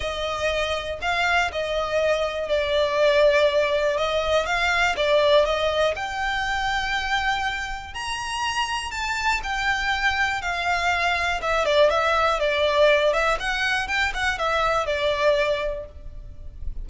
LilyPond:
\new Staff \with { instrumentName = "violin" } { \time 4/4 \tempo 4 = 121 dis''2 f''4 dis''4~ | dis''4 d''2. | dis''4 f''4 d''4 dis''4 | g''1 |
ais''2 a''4 g''4~ | g''4 f''2 e''8 d''8 | e''4 d''4. e''8 fis''4 | g''8 fis''8 e''4 d''2 | }